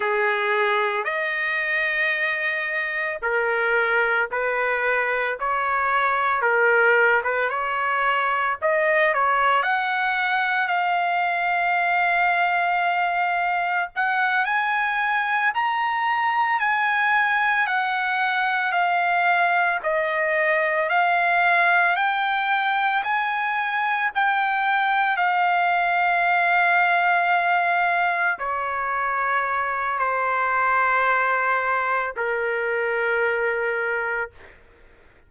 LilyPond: \new Staff \with { instrumentName = "trumpet" } { \time 4/4 \tempo 4 = 56 gis'4 dis''2 ais'4 | b'4 cis''4 ais'8. b'16 cis''4 | dis''8 cis''8 fis''4 f''2~ | f''4 fis''8 gis''4 ais''4 gis''8~ |
gis''8 fis''4 f''4 dis''4 f''8~ | f''8 g''4 gis''4 g''4 f''8~ | f''2~ f''8 cis''4. | c''2 ais'2 | }